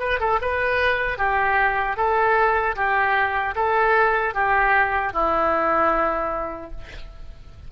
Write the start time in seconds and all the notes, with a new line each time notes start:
0.00 B4
0.20 A4
0.42 B4
1.18 G4
1.97 A4
2.76 G4
3.56 A4
4.35 G4
5.14 E4